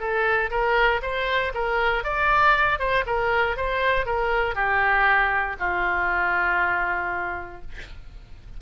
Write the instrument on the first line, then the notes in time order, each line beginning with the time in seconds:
oboe
0.00 A4
0.51 A#4
1.03 C5
1.54 A#4
2.04 D5
2.80 C5
3.07 A#4
3.57 C5
4.06 A#4
4.56 G4
5.60 F4